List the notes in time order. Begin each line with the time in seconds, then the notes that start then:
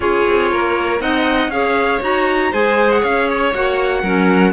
0.00 C#4 F4 G#4 C#5
0.27 C4
0.51 A#3 A#4
0.99 C4 D#4 D#5 F#5
1.48 C#4 G#4 C#5 F5
2.01 D#4 F#4 A#5
2.51 G#3 G#4 C5 G#5
2.91 F#5
3.00 C#4 C#5 F5
3.29 C#5
3.53 A#3 F#4 F#5
4.02 F#3 C#4 A#4